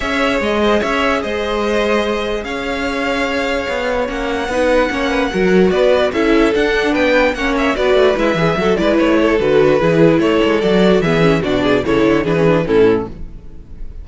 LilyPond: <<
  \new Staff \with { instrumentName = "violin" } { \time 4/4 \tempo 4 = 147 e''4 dis''4 e''4 dis''4~ | dis''2 f''2~ | f''2 fis''2~ | fis''2 d''4 e''4 |
fis''4 g''4 fis''8 e''8 d''4 | e''4. d''8 cis''4 b'4~ | b'4 cis''4 d''4 e''4 | d''4 cis''4 b'4 a'4 | }
  \new Staff \with { instrumentName = "violin" } { \time 4/4 cis''4. c''8 cis''4 c''4~ | c''2 cis''2~ | cis''2. b'4 | cis''8 b'8 ais'4 b'4 a'4~ |
a'4 b'4 cis''4 b'4~ | b'4 a'8 b'4 a'4. | gis'4 a'2 gis'4 | fis'8 gis'8 a'4 gis'4 e'4 | }
  \new Staff \with { instrumentName = "viola" } { \time 4/4 gis'1~ | gis'1~ | gis'2 cis'4 dis'4 | cis'4 fis'2 e'4 |
d'2 cis'4 fis'4 | e'8 gis'8 fis'8 e'4. fis'4 | e'2 fis'4 b8 cis'8 | d'4 e'4 d'16 cis'16 d'8 cis'4 | }
  \new Staff \with { instrumentName = "cello" } { \time 4/4 cis'4 gis4 cis'4 gis4~ | gis2 cis'2~ | cis'4 b4 ais4 b4 | ais4 fis4 b4 cis'4 |
d'4 b4 ais4 b8 a8 | gis8 e8 fis8 gis8 a4 d4 | e4 a8 gis8 fis4 e4 | b,4 cis8 d8 e4 a,4 | }
>>